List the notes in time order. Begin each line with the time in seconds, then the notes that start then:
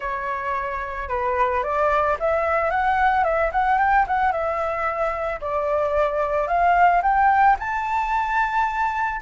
0.00 C#5
1.09 B4
1.63 D5
2.19 E5
2.70 F#5
3.23 E5
3.52 F#5
3.78 G5
4.07 F#5
4.31 E5
5.41 D5
6.47 F5
7.02 G5
7.59 A5